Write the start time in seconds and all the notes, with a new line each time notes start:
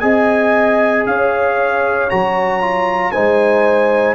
0.00 C4 G#4 D#5 G#5
1.06 C#4 C#5 F5
2.10 F#3 F#4 A#5
2.61 F4
3.12 G#3 D#4 C5 G#5